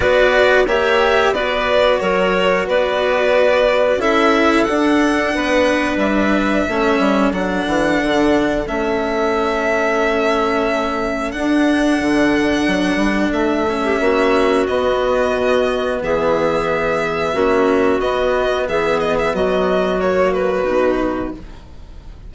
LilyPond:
<<
  \new Staff \with { instrumentName = "violin" } { \time 4/4 \tempo 4 = 90 d''4 e''4 d''4 cis''4 | d''2 e''4 fis''4~ | fis''4 e''2 fis''4~ | fis''4 e''2.~ |
e''4 fis''2. | e''2 dis''2 | e''2. dis''4 | e''8 dis''16 e''16 dis''4 cis''8 b'4. | }
  \new Staff \with { instrumentName = "clarinet" } { \time 4/4 b'4 cis''4 b'4 ais'4 | b'2 a'2 | b'2 a'2~ | a'1~ |
a'1~ | a'8. g'16 fis'2. | gis'2 fis'2 | gis'4 fis'2. | }
  \new Staff \with { instrumentName = "cello" } { \time 4/4 fis'4 g'4 fis'2~ | fis'2 e'4 d'4~ | d'2 cis'4 d'4~ | d'4 cis'2.~ |
cis'4 d'2.~ | d'8 cis'4. b2~ | b2 cis'4 b4~ | b2 ais4 dis'4 | }
  \new Staff \with { instrumentName = "bassoon" } { \time 4/4 b4 ais4 b4 fis4 | b2 cis'4 d'4 | b4 g4 a8 g8 fis8 e8 | d4 a2.~ |
a4 d'4 d4 fis8 g8 | a4 ais4 b4 b,4 | e2 ais4 b4 | e4 fis2 b,4 | }
>>